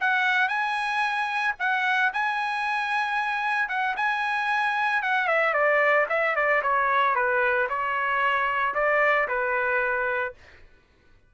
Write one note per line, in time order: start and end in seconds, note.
0.00 0.48 F#5
0.48 1.54 G#5
1.59 2.12 F#5
2.13 3.68 G#5
3.68 3.95 F#5
3.96 5.02 G#5
5.02 5.27 F#5
5.27 5.53 E5
5.53 6.06 D5
6.09 6.35 E5
6.35 6.62 D5
6.62 7.15 C#5
7.15 7.68 B4
7.69 8.74 C#5
8.74 9.27 D5
9.28 10.34 B4